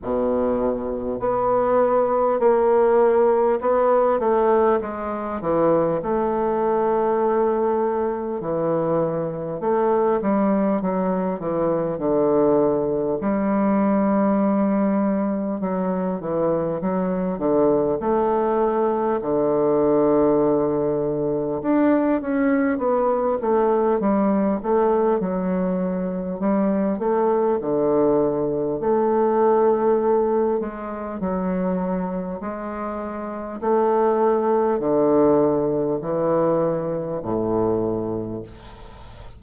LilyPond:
\new Staff \with { instrumentName = "bassoon" } { \time 4/4 \tempo 4 = 50 b,4 b4 ais4 b8 a8 | gis8 e8 a2 e4 | a8 g8 fis8 e8 d4 g4~ | g4 fis8 e8 fis8 d8 a4 |
d2 d'8 cis'8 b8 a8 | g8 a8 fis4 g8 a8 d4 | a4. gis8 fis4 gis4 | a4 d4 e4 a,4 | }